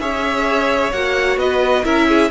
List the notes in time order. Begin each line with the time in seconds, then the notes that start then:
0.00 C#4 G#4 C#5 E5
0.92 A#3 F#4 F#5
1.37 B3 B4 D#5
1.84 C#4 E4 A#4 E5
2.08 G#4